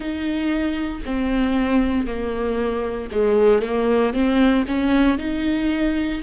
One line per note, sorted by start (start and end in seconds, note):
0.00 1.02 D#4
1.05 2.06 C4
2.06 3.09 A#3
3.11 3.62 G#3
3.62 4.13 A#3
4.13 4.65 C4
4.67 5.18 C#4
5.18 6.21 D#4